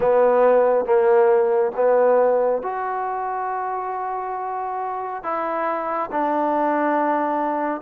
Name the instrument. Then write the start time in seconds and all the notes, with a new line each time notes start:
trombone
0.00 B3
0.85 A#3
1.75 B3
2.62 F#4
5.23 E4
6.11 D4